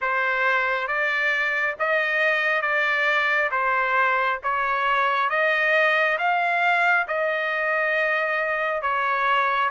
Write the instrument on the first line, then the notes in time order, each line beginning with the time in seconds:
trumpet
0.01 C5
0.87 D5
1.79 D#5
2.61 D5
3.51 C5
4.43 C#5
5.29 D#5
6.18 F5
7.07 D#5
8.82 C#5